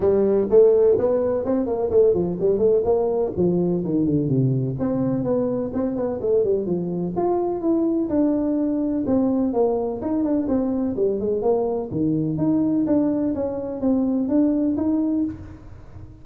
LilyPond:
\new Staff \with { instrumentName = "tuba" } { \time 4/4 \tempo 4 = 126 g4 a4 b4 c'8 ais8 | a8 f8 g8 a8 ais4 f4 | dis8 d8 c4 c'4 b4 | c'8 b8 a8 g8 f4 f'4 |
e'4 d'2 c'4 | ais4 dis'8 d'8 c'4 g8 gis8 | ais4 dis4 dis'4 d'4 | cis'4 c'4 d'4 dis'4 | }